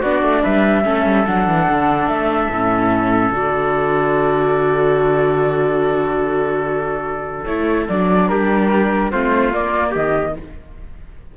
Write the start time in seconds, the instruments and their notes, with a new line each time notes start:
0.00 cello B3, viola D4, trumpet F#4, flute D5
0.22 cello A3
0.42 cello G3, trumpet B4, flute E5
0.84 cello A3, viola C#4, trumpet A4
1.05 cello G3
1.26 cello F#3, viola D4, flute F#5
1.47 cello E3
1.68 cello D3
2.07 cello A3, flute E5
2.50 cello A2, viola C#4
3.30 cello D3, viola F#4, flute D5
7.44 cello A3, viola E4, flute C#5
7.88 cello F#3, viola D4, flute D5
8.27 cello G3, trumpet G4, flute A#4
9.10 cello A3, viola C4, trumpet F4, flute C5
9.52 viola A#3, cello A#3, flute D5
9.91 cello D#3, trumpet G4, flute D#5